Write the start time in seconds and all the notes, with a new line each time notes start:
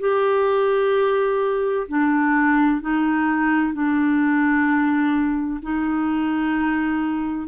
0.00 G4
1.88 D4
2.81 D#4
3.73 D4
5.62 D#4